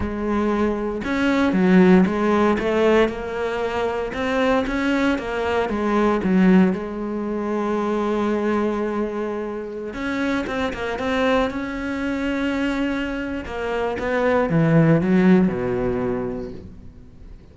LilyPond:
\new Staff \with { instrumentName = "cello" } { \time 4/4 \tempo 4 = 116 gis2 cis'4 fis4 | gis4 a4 ais2 | c'4 cis'4 ais4 gis4 | fis4 gis2.~ |
gis2.~ gis16 cis'8.~ | cis'16 c'8 ais8 c'4 cis'4.~ cis'16~ | cis'2 ais4 b4 | e4 fis4 b,2 | }